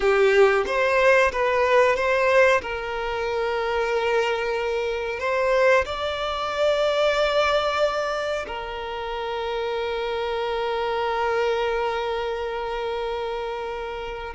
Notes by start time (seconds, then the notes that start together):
0.00 G4
0.66 C5
1.32 B4
1.96 C5
2.61 A#4
5.19 C5
5.85 D5
8.47 A#4